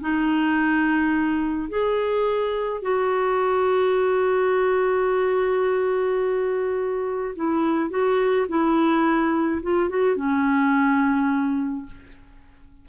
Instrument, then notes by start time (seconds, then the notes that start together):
clarinet
0.00 D#4
1.68 G#4
2.81 F#4
7.35 E4
7.90 F#4
8.48 E4
9.62 F4
9.89 F#4
10.16 C#4